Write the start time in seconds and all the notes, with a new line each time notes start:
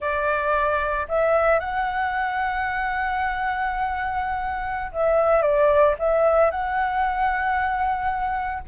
0.00 D5
1.08 E5
1.59 F#5
4.92 E5
5.42 D5
5.99 E5
6.50 F#5